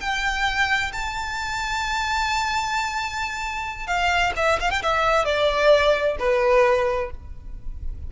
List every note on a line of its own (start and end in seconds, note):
0.00 0.92 G5
0.92 3.87 A5
3.87 4.32 F5
4.36 4.59 E5
4.60 4.70 F5
4.70 4.82 G5
4.82 5.25 E5
5.25 6.16 D5
6.19 7.10 B4